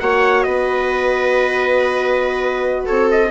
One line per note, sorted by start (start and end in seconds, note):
0.00 0.45 A#3
0.00 3.31 F#4
0.00 0.46 C#5
0.00 0.43 F#5
0.43 2.88 B3
0.43 2.86 B4
0.43 2.86 D#5
2.86 3.31 C4
2.86 3.30 A4
2.86 3.09 C#5
3.11 3.31 D#5